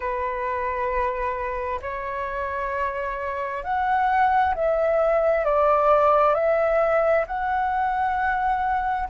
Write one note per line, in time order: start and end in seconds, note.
0.00 1.80 B4
1.81 3.63 C#5
3.63 4.54 F#5
4.55 5.45 E5
5.45 6.34 D5
6.34 7.25 E5
7.26 9.08 F#5